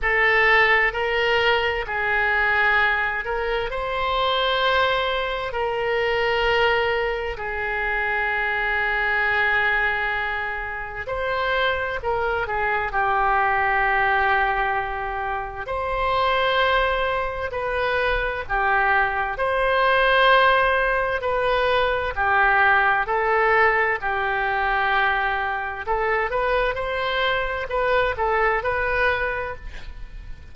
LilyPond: \new Staff \with { instrumentName = "oboe" } { \time 4/4 \tempo 4 = 65 a'4 ais'4 gis'4. ais'8 | c''2 ais'2 | gis'1 | c''4 ais'8 gis'8 g'2~ |
g'4 c''2 b'4 | g'4 c''2 b'4 | g'4 a'4 g'2 | a'8 b'8 c''4 b'8 a'8 b'4 | }